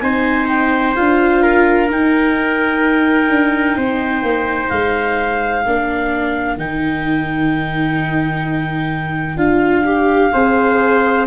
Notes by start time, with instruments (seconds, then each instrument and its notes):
0.00 tuba C4, viola D#4, trumpet C5, clarinet G#5
0.48 clarinet G5
0.96 tuba D4, viola F4, clarinet F5
1.43 trumpet A#4
1.90 viola D#4, tuba D#4, clarinet G5
3.29 tuba D4
3.77 tuba C4, trumpet C5
4.23 tuba A#3
4.69 tuba G#3, clarinet F5
5.65 tuba A#3, viola D4, trumpet A#4
6.57 tuba D#3, viola D#4, clarinet G5
9.37 tuba D4, viola F4, clarinet F5
9.86 viola G4
10.33 tuba C4, viola G#4, trumpet C5